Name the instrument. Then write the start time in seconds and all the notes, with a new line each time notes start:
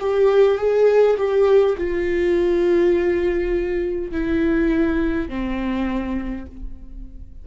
viola
0.00 G4
0.58 G#4
1.17 G4
1.78 F4
4.12 E4
5.29 C4